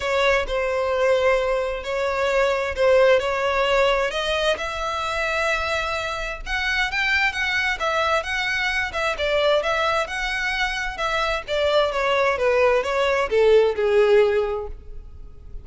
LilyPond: \new Staff \with { instrumentName = "violin" } { \time 4/4 \tempo 4 = 131 cis''4 c''2. | cis''2 c''4 cis''4~ | cis''4 dis''4 e''2~ | e''2 fis''4 g''4 |
fis''4 e''4 fis''4. e''8 | d''4 e''4 fis''2 | e''4 d''4 cis''4 b'4 | cis''4 a'4 gis'2 | }